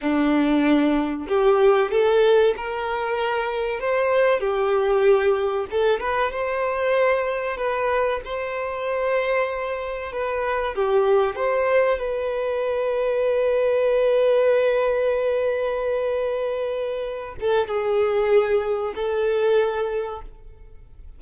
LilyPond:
\new Staff \with { instrumentName = "violin" } { \time 4/4 \tempo 4 = 95 d'2 g'4 a'4 | ais'2 c''4 g'4~ | g'4 a'8 b'8 c''2 | b'4 c''2. |
b'4 g'4 c''4 b'4~ | b'1~ | b'2.~ b'8 a'8 | gis'2 a'2 | }